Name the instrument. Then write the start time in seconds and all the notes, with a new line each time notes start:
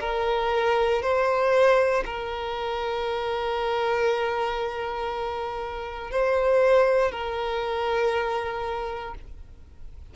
violin
0.00 A#4
1.02 C5
2.05 A#4
6.11 C5
7.11 A#4